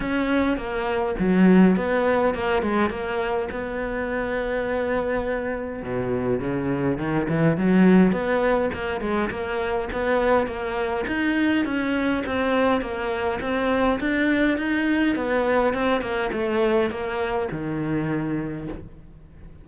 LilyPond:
\new Staff \with { instrumentName = "cello" } { \time 4/4 \tempo 4 = 103 cis'4 ais4 fis4 b4 | ais8 gis8 ais4 b2~ | b2 b,4 cis4 | dis8 e8 fis4 b4 ais8 gis8 |
ais4 b4 ais4 dis'4 | cis'4 c'4 ais4 c'4 | d'4 dis'4 b4 c'8 ais8 | a4 ais4 dis2 | }